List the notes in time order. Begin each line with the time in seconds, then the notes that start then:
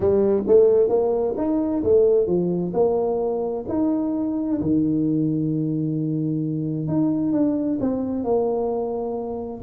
0.00 G3
0.47 A3
0.88 A#3
1.37 D#4
1.83 A3
2.27 F3
2.73 A#3
3.68 D#4
4.60 D#3
6.87 D#4
7.32 D4
7.80 C4
8.24 A#3